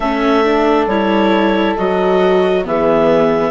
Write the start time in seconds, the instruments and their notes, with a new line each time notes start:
0.00 bassoon A3, viola C#4, horn A4, clarinet E5
0.44 viola D4
0.86 bassoon G3, viola E4, clarinet C#5
1.76 bassoon F#3, viola F#4, clarinet D#5
2.64 bassoon E3, viola B3, horn G#4, clarinet E5